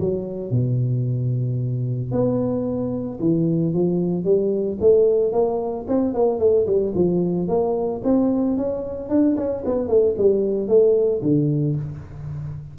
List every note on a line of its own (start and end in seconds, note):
0.00 0.51 F#3
0.51 2.12 B2
2.12 3.19 B3
3.20 3.74 E3
3.74 4.24 F3
4.24 4.78 G3
4.80 5.33 A3
5.33 5.86 A#3
5.88 6.14 C4
6.14 6.39 A#3
6.39 6.66 A3
6.66 6.94 G3
6.95 7.48 F3
7.48 8.02 A#3
8.04 8.57 C4
8.57 9.09 C#4
9.09 9.36 D4
9.37 9.64 C#4
9.65 9.88 B3
9.88 10.15 A3
10.18 10.68 G3
10.68 11.22 A3
11.22 11.76 D3